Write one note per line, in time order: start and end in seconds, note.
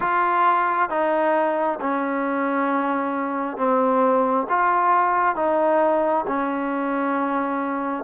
0.00 0.90 F4
0.90 1.79 D#4
1.80 3.57 C#4
3.57 4.47 C4
4.49 5.35 F4
5.35 6.24 D#4
6.27 8.04 C#4